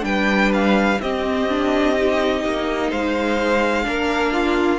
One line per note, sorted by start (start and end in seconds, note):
0.00 0.98 G3
0.00 0.95 D4
0.00 1.00 B4
0.00 0.52 G5
0.53 1.00 F5
1.00 2.44 C4
1.00 1.49 C4
1.00 2.89 G4
1.00 2.91 D#5
1.49 1.95 D4
1.95 3.83 D#4
2.44 2.91 A#3
2.89 3.87 G#3
2.89 3.84 C5
2.89 4.79 F5
3.83 4.79 A#3
3.83 4.79 D4
3.83 4.33 A#4
4.33 4.79 F4